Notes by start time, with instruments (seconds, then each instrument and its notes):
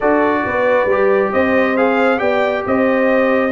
0.00 tuba D4, trombone F#4, horn A4, trumpet D5
0.46 tuba B3, horn B4
0.85 tuba G3, trombone G4
1.32 tuba C4, horn C5, trumpet D#5
1.77 trombone G#4, trumpet F5
2.17 tuba B3, trombone G4, horn D5, trumpet G5
2.66 tuba C4, horn C5, trumpet D#5